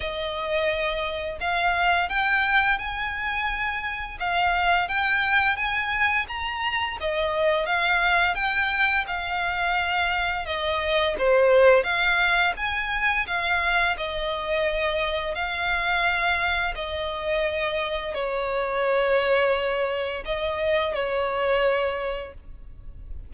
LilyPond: \new Staff \with { instrumentName = "violin" } { \time 4/4 \tempo 4 = 86 dis''2 f''4 g''4 | gis''2 f''4 g''4 | gis''4 ais''4 dis''4 f''4 | g''4 f''2 dis''4 |
c''4 f''4 gis''4 f''4 | dis''2 f''2 | dis''2 cis''2~ | cis''4 dis''4 cis''2 | }